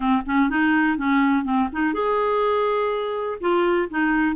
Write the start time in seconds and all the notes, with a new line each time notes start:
0.00 C4
0.26 C#4
0.49 D#4
0.97 C#4
1.44 C4
1.72 D#4
1.93 G#4
3.40 F4
3.90 D#4